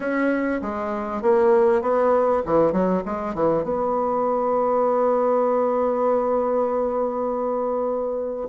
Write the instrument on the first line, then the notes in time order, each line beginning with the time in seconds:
bassoon
0.00 C#4
0.61 G#3
1.21 A#3
1.81 B3
2.45 E3
2.72 F#3
3.05 G#3
3.34 E3
3.63 B3